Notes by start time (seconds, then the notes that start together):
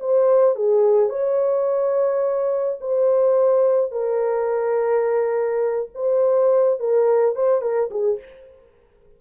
0.00 C5
0.56 G#4
1.10 C#5
2.81 C5
3.92 A#4
5.95 C5
6.80 A#4
7.36 C5
7.62 A#4
7.91 G#4